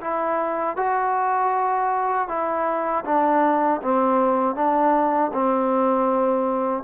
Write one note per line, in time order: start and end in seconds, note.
0.00 0.76 E4
0.76 2.28 F#4
2.28 3.04 E4
3.04 3.80 D4
3.81 4.55 C4
4.55 5.31 D4
5.33 6.83 C4